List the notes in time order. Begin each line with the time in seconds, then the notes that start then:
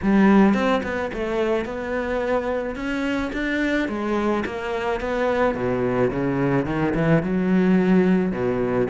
0.02 G3
0.54 C4
0.83 B3
1.13 A3
1.65 B3
2.75 C#4
3.32 D4
3.88 G#3
4.45 A#3
5.00 B3
5.54 B2
6.10 C#3
6.65 D#3
6.94 E3
7.22 F#3
8.32 B2